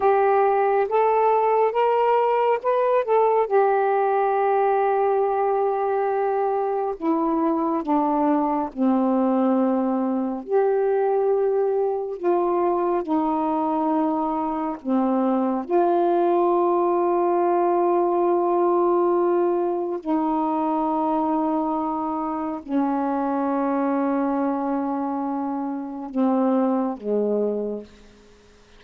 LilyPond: \new Staff \with { instrumentName = "saxophone" } { \time 4/4 \tempo 4 = 69 g'4 a'4 ais'4 b'8 a'8 | g'1 | e'4 d'4 c'2 | g'2 f'4 dis'4~ |
dis'4 c'4 f'2~ | f'2. dis'4~ | dis'2 cis'2~ | cis'2 c'4 gis4 | }